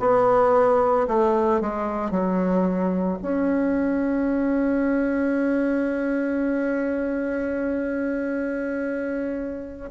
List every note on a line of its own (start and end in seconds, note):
0.00 1.07 B3
1.08 1.61 A3
1.61 2.11 G#3
2.11 3.19 F#3
3.22 9.91 C#4